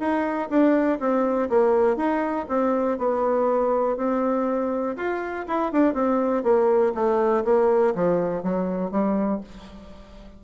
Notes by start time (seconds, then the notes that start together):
0.00 D#4
0.50 D4
1.00 C4
1.50 A#3
1.97 D#4
2.49 C4
2.99 B3
3.98 C4
4.97 F4
5.48 E4
5.72 D4
5.94 C4
6.44 A#3
6.95 A3
7.45 A#3
7.95 F3
8.43 F#3
8.91 G3